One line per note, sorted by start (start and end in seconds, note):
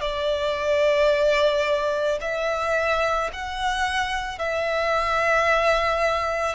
0.00 2.18 D5
2.21 3.30 E5
3.33 4.38 F#5
4.38 6.55 E5